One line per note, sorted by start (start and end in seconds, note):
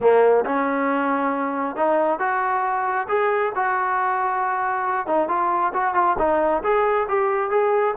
0.00 0.45 A#3
0.45 1.75 C#4
1.75 2.19 D#4
2.19 3.07 F#4
3.08 3.52 G#4
3.55 5.06 F#4
5.06 5.28 D#4
5.28 5.72 F4
5.73 5.94 F#4
5.94 6.16 F4
6.18 6.62 D#4
6.63 7.07 G#4
7.08 7.50 G4
7.50 7.94 G#4